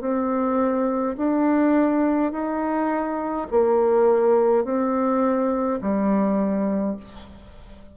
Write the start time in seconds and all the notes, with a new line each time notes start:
0.00 C4
1.17 D4
2.32 D#4
3.50 A#3
4.64 C4
5.81 G3